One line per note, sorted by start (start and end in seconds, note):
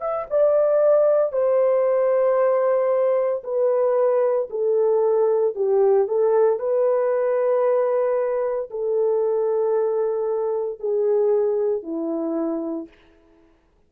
0.00 0.26 E5
0.30 1.32 D5
1.32 3.43 C5
3.43 4.48 B4
4.49 5.55 A4
5.55 6.07 G4
6.07 6.59 A4
6.59 8.69 B4
8.70 10.79 A4
10.79 11.82 G#4
11.82 12.88 E4